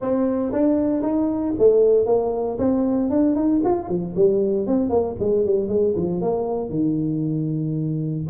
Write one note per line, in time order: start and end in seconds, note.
0.01 0.52 C4
0.52 1.02 D4
1.02 1.54 D#4
1.58 2.06 A3
2.06 2.57 A#3
2.58 3.10 C4
3.10 3.35 D4
3.35 3.61 D#4
3.64 3.88 F4
3.88 4.14 F3
4.15 4.66 G3
4.66 4.89 C4
4.89 5.15 A#3
5.19 5.45 G#3
5.45 5.68 G3
5.68 5.94 G#3
5.96 6.21 F3
6.21 6.69 A#3
6.69 8.24 D#3